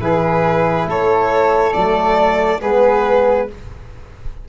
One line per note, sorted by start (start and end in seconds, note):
0.00 0.86 E3
0.00 1.74 E4
0.00 0.88 G#4
0.00 0.88 B4
0.86 1.73 A3
0.86 2.61 A4
0.86 1.74 C#5
1.74 2.61 F#3
1.74 2.61 A3
1.74 2.61 D5
2.61 3.48 G#3
2.61 3.48 B3
2.61 3.48 G#4
2.61 3.49 B4